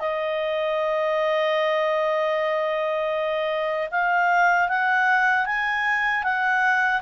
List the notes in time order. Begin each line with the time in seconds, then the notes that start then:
0.00 D#5
3.91 F5
4.69 F#5
5.46 G#5
6.24 F#5